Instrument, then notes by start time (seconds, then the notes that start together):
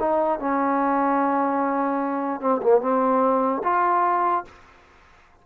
trombone
0.00 D#4
0.39 C#4
2.41 C4
2.62 A#3
2.81 C4
3.64 F4